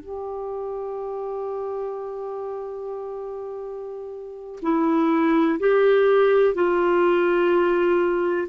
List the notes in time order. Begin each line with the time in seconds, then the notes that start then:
0.00 G4
4.62 E4
5.60 G4
6.55 F4